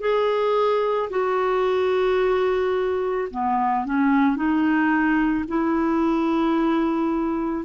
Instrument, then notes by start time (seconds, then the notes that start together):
clarinet
0.00 G#4
1.10 F#4
3.31 B3
3.85 C#4
4.35 D#4
5.48 E4